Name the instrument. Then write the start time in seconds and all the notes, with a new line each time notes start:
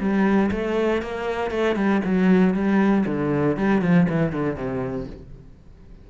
cello
0.00 G3
0.52 A3
1.03 A#3
1.51 A3
1.76 G3
2.05 F#3
2.54 G3
3.06 D3
3.57 G3
3.82 F3
4.10 E3
4.33 D3
4.56 C3